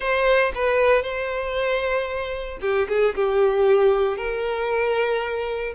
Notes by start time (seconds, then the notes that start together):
0.00 C5
0.54 B4
1.02 C5
2.61 G4
2.88 G#4
3.15 G4
4.17 A#4